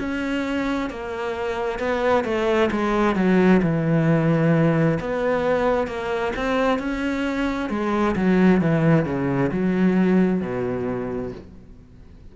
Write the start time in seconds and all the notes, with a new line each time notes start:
0.00 C#4
0.90 A#3
1.79 B3
2.25 A3
2.71 G#3
3.16 F#3
3.63 E3
5.00 B3
5.88 A#3
6.36 C4
6.79 C#4
7.70 G#3
8.16 F#3
8.62 E3
9.06 C#3
9.52 F#3
10.42 B2